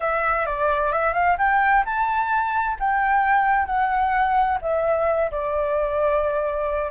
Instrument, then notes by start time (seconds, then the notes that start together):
flute
0.00 E5
0.46 D5
0.92 E5
1.13 F5
1.38 G5
1.85 A5
2.79 G5
3.66 F#5
4.61 E5
5.31 D5